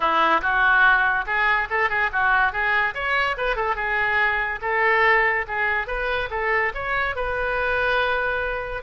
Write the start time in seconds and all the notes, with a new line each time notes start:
0.00 E4
0.41 F#4
1.26 G#4
1.70 A4
1.89 G#4
2.12 F#4
2.52 G#4
2.94 C#5
3.37 B4
3.56 A4
3.75 G#4
4.61 A4
5.47 G#4
5.87 B4
6.30 A4
6.74 C#5
7.15 B4